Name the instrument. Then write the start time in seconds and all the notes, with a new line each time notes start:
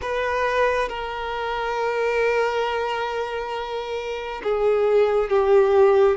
violin
0.01 B4
0.88 A#4
4.43 G#4
5.29 G4